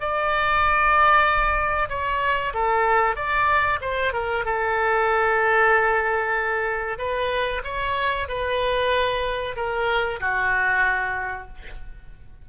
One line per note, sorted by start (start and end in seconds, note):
0.00 1.89 D5
1.89 2.53 C#5
2.54 3.15 A4
3.15 3.79 D5
3.81 4.13 C5
4.13 4.45 A#4
4.45 6.98 A4
6.98 7.62 B4
7.64 8.27 C#5
8.28 9.56 B4
9.56 10.20 A#4
10.20 11.48 F#4